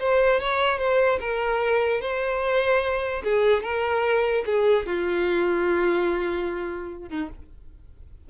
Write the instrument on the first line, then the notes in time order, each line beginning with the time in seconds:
violin
0.00 C5
0.40 C#5
0.79 C5
1.20 A#4
2.01 C5
3.24 G#4
3.63 A#4
4.46 G#4
4.87 F4
7.09 D#4